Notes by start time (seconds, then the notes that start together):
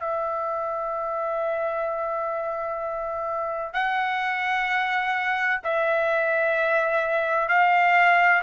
0.00 E5
3.74 F#5
5.64 E5
7.49 F5